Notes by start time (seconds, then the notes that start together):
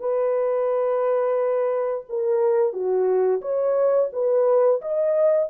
0.00 B4
2.09 A#4
2.73 F#4
3.42 C#5
4.13 B4
4.81 D#5